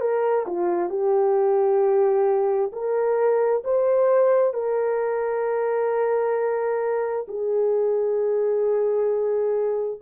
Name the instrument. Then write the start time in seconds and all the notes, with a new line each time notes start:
horn
0.00 A#4
0.46 F4
0.89 G4
2.72 A#4
3.64 C5
4.53 A#4
7.28 G#4